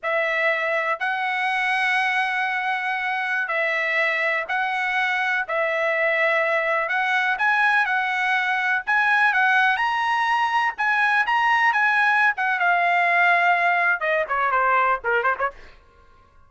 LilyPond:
\new Staff \with { instrumentName = "trumpet" } { \time 4/4 \tempo 4 = 124 e''2 fis''2~ | fis''2.~ fis''16 e''8.~ | e''4~ e''16 fis''2 e''8.~ | e''2~ e''16 fis''4 gis''8.~ |
gis''16 fis''2 gis''4 fis''8.~ | fis''16 ais''2 gis''4 ais''8.~ | ais''16 gis''4~ gis''16 fis''8 f''2~ | f''4 dis''8 cis''8 c''4 ais'8 c''16 cis''16 | }